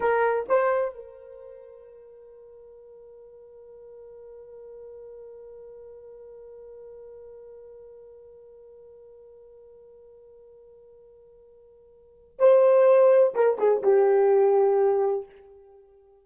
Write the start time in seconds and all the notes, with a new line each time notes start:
0.00 A#4
0.48 C5
0.94 A#4
12.39 C5
13.34 A#4
13.58 G#4
13.82 G4